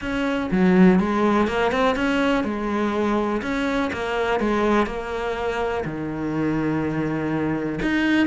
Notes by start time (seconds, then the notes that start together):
0.01 C#4
0.51 F#3
0.99 G#3
1.47 A#3
1.71 C4
1.95 C#4
2.44 G#3
3.41 C#4
3.92 A#3
4.39 G#3
4.86 A#3
5.84 D#3
7.82 D#4